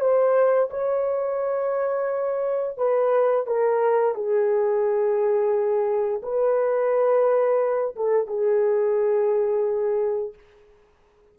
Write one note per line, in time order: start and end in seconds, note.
0.00 0.69 C5
0.70 2.77 C#5
2.77 3.46 B4
3.46 4.14 A#4
4.14 6.21 G#4
6.23 7.95 B4
7.95 8.27 A4
8.27 10.34 G#4